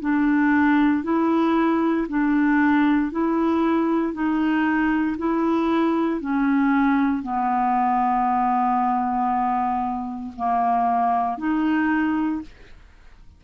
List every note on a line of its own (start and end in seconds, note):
0.00 1.03 D4
1.03 2.06 E4
2.08 3.11 D4
3.11 4.13 E4
4.13 5.16 D#4
5.17 6.20 E4
6.20 7.22 C#4
7.22 10.33 B3
10.36 11.37 A#3
11.37 12.41 D#4